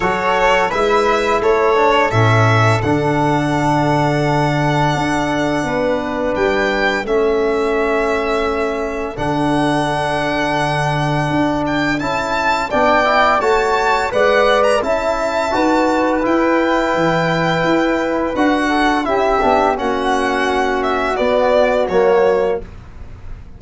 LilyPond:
<<
  \new Staff \with { instrumentName = "violin" } { \time 4/4 \tempo 4 = 85 cis''4 e''4 cis''4 e''4 | fis''1~ | fis''4 g''4 e''2~ | e''4 fis''2.~ |
fis''8 g''8 a''4 g''4 a''4 | fis''8. ais''16 a''2 g''4~ | g''2 fis''4 e''4 | fis''4. e''8 d''4 cis''4 | }
  \new Staff \with { instrumentName = "flute" } { \time 4/4 a'4 b'4 a'2~ | a'1 | b'2 a'2~ | a'1~ |
a'2 d''4 cis''4 | d''4 e''4 b'2~ | b'2~ b'8 a'8 g'4 | fis'1 | }
  \new Staff \with { instrumentName = "trombone" } { \time 4/4 fis'4 e'4. d'8 cis'4 | d'1~ | d'2 cis'2~ | cis'4 d'2.~ |
d'4 e'4 d'8 e'8 fis'4 | b'4 e'4 fis'4 e'4~ | e'2 fis'4 e'8 d'8 | cis'2 b4 ais4 | }
  \new Staff \with { instrumentName = "tuba" } { \time 4/4 fis4 gis4 a4 a,4 | d2. d'4 | b4 g4 a2~ | a4 d2. |
d'4 cis'4 b4 a4 | gis4 cis'4 dis'4 e'4 | e4 e'4 d'4 cis'8 b8 | ais2 b4 fis4 | }
>>